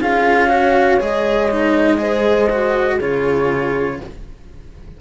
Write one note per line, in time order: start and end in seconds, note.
0.00 1.00 C#4
0.00 0.49 F4
0.00 0.48 G#4
0.00 1.01 F5
0.48 0.99 F#4
0.48 1.98 C#5
1.00 3.00 G#3
1.00 1.50 G#4
1.00 3.00 D#5
1.50 1.98 D#4
1.98 2.48 G#4
1.98 2.97 C5
2.49 2.99 F#4
2.97 4.00 C#3
2.97 4.01 F4
2.97 3.97 G#4
2.97 4.00 C#5